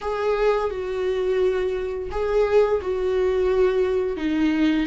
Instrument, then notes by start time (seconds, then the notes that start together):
viola
0.01 G#4
0.70 F#4
2.11 G#4
2.81 F#4
4.16 D#4